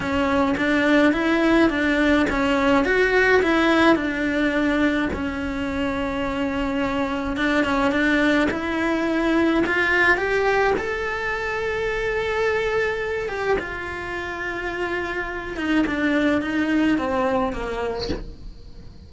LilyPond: \new Staff \with { instrumentName = "cello" } { \time 4/4 \tempo 4 = 106 cis'4 d'4 e'4 d'4 | cis'4 fis'4 e'4 d'4~ | d'4 cis'2.~ | cis'4 d'8 cis'8 d'4 e'4~ |
e'4 f'4 g'4 a'4~ | a'2.~ a'8 g'8 | f'2.~ f'8 dis'8 | d'4 dis'4 c'4 ais4 | }